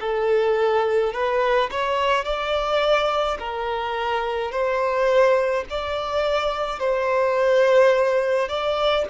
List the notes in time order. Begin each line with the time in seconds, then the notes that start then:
0.00 A4
1.13 B4
1.71 C#5
2.24 D5
3.39 A#4
4.51 C5
5.69 D5
6.79 C5
8.48 D5